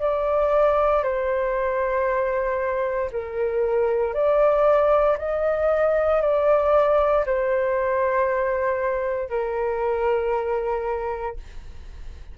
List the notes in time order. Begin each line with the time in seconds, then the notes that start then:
0.00 D5
1.03 C5
3.12 A#4
4.14 D5
5.18 D#5
6.22 D5
7.26 C5
9.30 A#4